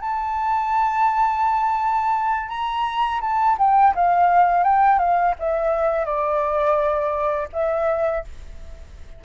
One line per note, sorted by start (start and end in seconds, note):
0.00 2.49 A5
2.49 3.20 A#5
3.21 3.56 A5
3.58 3.94 G5
3.95 4.64 F5
4.64 4.99 G5
4.99 5.34 F5
5.39 6.05 E5
6.05 7.48 D5
7.53 8.24 E5